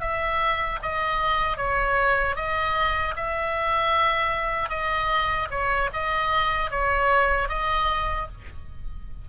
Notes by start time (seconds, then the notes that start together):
0.00 E5
0.82 D#5
1.57 C#5
2.35 D#5
3.16 E5
4.69 D#5
5.50 C#5
5.93 D#5
6.70 C#5
7.49 D#5